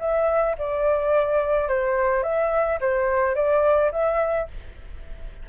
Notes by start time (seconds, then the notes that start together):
0.00 E5
0.58 D5
1.68 C5
2.23 E5
2.81 C5
3.35 D5
3.92 E5